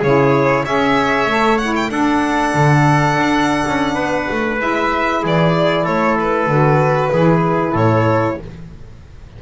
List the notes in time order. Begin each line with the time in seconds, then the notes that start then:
0.00 C#3 E4 G#4 C#5
0.63 C#4 G#4 C#5 E5
1.26 A3 A4
1.58 E4 F#5
1.76 G5
1.90 D4 A4 F#5
2.55 D3
3.17 D4
3.67 C#4
3.95 B3 B4
4.31 A3
4.59 G#3 E4 E5
5.22 E3 G#4 D5
5.84 A3 A4 C#5
6.20 B4
6.47 D3 F#4
7.12 E3 E4 G#4
7.73 A2 A4 C#5